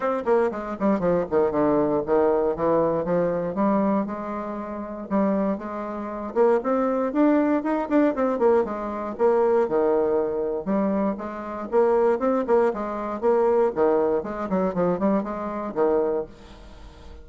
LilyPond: \new Staff \with { instrumentName = "bassoon" } { \time 4/4 \tempo 4 = 118 c'8 ais8 gis8 g8 f8 dis8 d4 | dis4 e4 f4 g4 | gis2 g4 gis4~ | gis8 ais8 c'4 d'4 dis'8 d'8 |
c'8 ais8 gis4 ais4 dis4~ | dis4 g4 gis4 ais4 | c'8 ais8 gis4 ais4 dis4 | gis8 fis8 f8 g8 gis4 dis4 | }